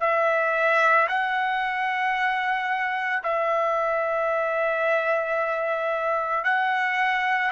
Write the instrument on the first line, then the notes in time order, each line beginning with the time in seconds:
trumpet
0.00 E5
1.08 F#5
3.23 E5
6.44 F#5